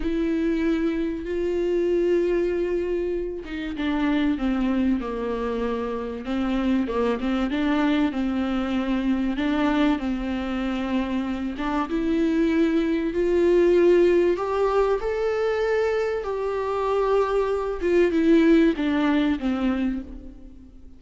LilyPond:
\new Staff \with { instrumentName = "viola" } { \time 4/4 \tempo 4 = 96 e'2 f'2~ | f'4. dis'8 d'4 c'4 | ais2 c'4 ais8 c'8 | d'4 c'2 d'4 |
c'2~ c'8 d'8 e'4~ | e'4 f'2 g'4 | a'2 g'2~ | g'8 f'8 e'4 d'4 c'4 | }